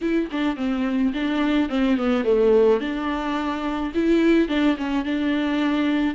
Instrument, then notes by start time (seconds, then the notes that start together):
viola
0.01 E4
0.31 D4
0.56 C4
1.13 D4
1.69 C4
1.97 B3
2.24 A3
2.80 D4
3.94 E4
4.48 D4
4.77 C#4
5.05 D4